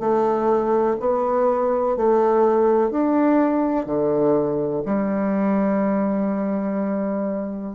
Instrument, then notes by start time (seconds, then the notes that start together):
bassoon
0.00 A3
1.00 B3
1.96 A3
2.91 D4
3.86 D3
4.85 G3